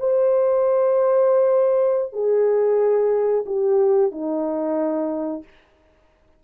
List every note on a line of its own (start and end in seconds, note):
0.00 2.13 C5
2.13 3.45 G#4
3.46 4.12 G4
4.12 5.44 D#4